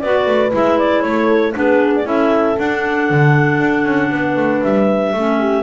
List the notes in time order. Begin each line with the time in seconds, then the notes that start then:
0.00 B3 F#4 B4 D5
0.27 A3
0.51 G#3 E4 E5
0.79 D5
1.01 A3 A4 C#5
1.53 B3 D4 G#4 B4
1.96 D5
2.04 C#4 E4 A4 E5
2.59 D4 F#5
3.10 D3
3.60 D4
3.85 C#4
4.11 B3 B4
4.36 A3
4.63 G3 E5
5.13 A3 C#4 A4
5.39 G4